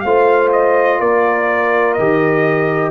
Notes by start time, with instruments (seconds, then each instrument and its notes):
0.00 tuba A3, trombone F4, horn C5, trumpet F5
0.52 trumpet D#5
1.00 tuba A#3, horn A#4, trumpet D5
1.94 tuba D#3, trombone G4, trumpet D#5